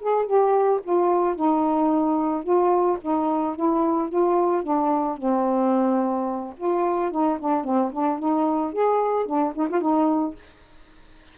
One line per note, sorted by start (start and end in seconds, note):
0.00 0.25 G#4
0.25 0.80 G4
0.83 1.35 F4
1.35 2.43 D#4
2.43 2.98 F4
3.01 3.55 D#4
3.55 4.09 E4
4.09 4.63 F4
4.63 5.17 D4
5.17 6.54 C4
6.57 7.11 F4
7.11 7.38 D#4
7.39 7.64 D4
7.64 7.91 C4
7.92 8.19 D4
8.19 8.72 D#4
8.72 9.25 G#4
9.25 9.53 D4
9.55 9.68 D#4
9.69 9.80 F4
9.80 10.35 D#4